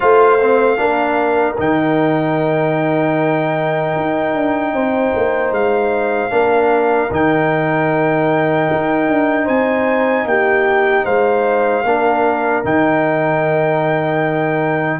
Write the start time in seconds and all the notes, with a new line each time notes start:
0.00 A3 F4 C5 F5
0.40 C4
0.77 A#3 D4 A#4
1.58 D#3 D#4 G5
3.96 D#4
4.34 D4
4.73 C4 C5
5.16 A#3
5.51 G#3 F5
6.30 A#3 D4 A#4
7.10 D#3 D#4 G5
8.71 D#4
9.08 D4
9.44 C4 C5 G#5
10.25 A#3 G4 G5
11.04 G#3 C5 F5
11.83 A#3 D4 A#4
12.63 D#3 D#4 G5